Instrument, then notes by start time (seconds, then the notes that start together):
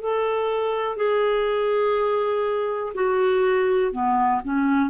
clarinet
0.00 A4
0.96 G#4
2.94 F#4
3.92 B3
4.44 C#4